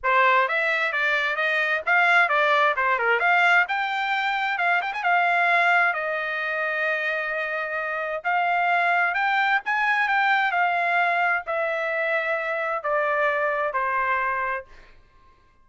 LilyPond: \new Staff \with { instrumentName = "trumpet" } { \time 4/4 \tempo 4 = 131 c''4 e''4 d''4 dis''4 | f''4 d''4 c''8 ais'8 f''4 | g''2 f''8 g''16 gis''16 f''4~ | f''4 dis''2.~ |
dis''2 f''2 | g''4 gis''4 g''4 f''4~ | f''4 e''2. | d''2 c''2 | }